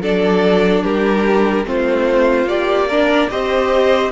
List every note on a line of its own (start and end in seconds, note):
0.00 0.82 F#3
0.00 1.65 D4
0.00 0.83 A4
0.00 0.84 D5
0.83 1.65 G3
0.83 1.65 G4
0.83 1.66 A#4
1.65 2.44 A3
1.65 2.47 C4
1.65 2.87 F4
1.65 2.48 C5
2.44 3.26 A#3
2.44 2.89 G4
2.44 3.30 D5
2.87 3.30 D4
2.87 3.28 A#4
3.30 4.11 C4
3.30 4.11 G4
3.30 4.11 C5
3.30 4.11 D#5